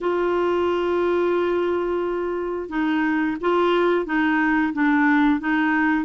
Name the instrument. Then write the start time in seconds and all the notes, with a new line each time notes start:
clarinet
0.00 F4
2.69 D#4
3.40 F4
4.05 D#4
4.73 D4
5.40 D#4